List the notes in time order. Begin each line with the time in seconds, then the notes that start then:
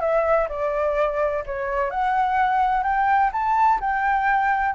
0.00 E5
0.49 D5
1.46 C#5
1.90 F#5
2.83 G5
3.32 A5
3.80 G5